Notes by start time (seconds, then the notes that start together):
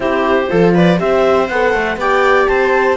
0.00 C4 E4 G4 C5
0.48 F3 F4 A4
0.74 B4 D5
0.98 C4 G4 C5 E5
1.47 B3 A4 F#5
1.73 A3
1.96 B3 G4 D5 G5
2.47 C4 C5 A5